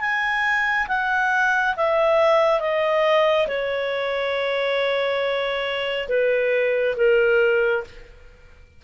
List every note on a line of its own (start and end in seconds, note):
0.00 0.87 G#5
0.88 1.75 F#5
1.77 2.60 E5
2.60 3.47 D#5
3.47 6.08 C#5
6.08 6.95 B4
6.96 7.83 A#4